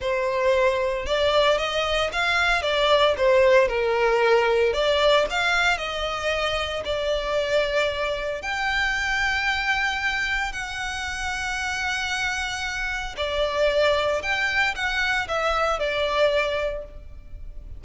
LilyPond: \new Staff \with { instrumentName = "violin" } { \time 4/4 \tempo 4 = 114 c''2 d''4 dis''4 | f''4 d''4 c''4 ais'4~ | ais'4 d''4 f''4 dis''4~ | dis''4 d''2. |
g''1 | fis''1~ | fis''4 d''2 g''4 | fis''4 e''4 d''2 | }